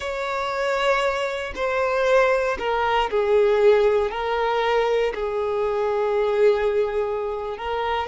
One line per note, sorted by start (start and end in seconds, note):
0.00 1.53 C#5
1.55 2.57 C5
2.59 3.10 A#4
3.10 4.10 G#4
4.10 5.13 A#4
5.14 7.57 G#4
7.57 8.07 A#4